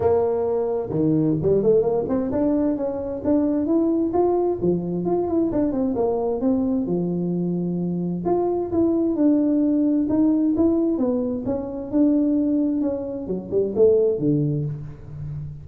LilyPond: \new Staff \with { instrumentName = "tuba" } { \time 4/4 \tempo 4 = 131 ais2 dis4 g8 a8 | ais8 c'8 d'4 cis'4 d'4 | e'4 f'4 f4 f'8 e'8 | d'8 c'8 ais4 c'4 f4~ |
f2 f'4 e'4 | d'2 dis'4 e'4 | b4 cis'4 d'2 | cis'4 fis8 g8 a4 d4 | }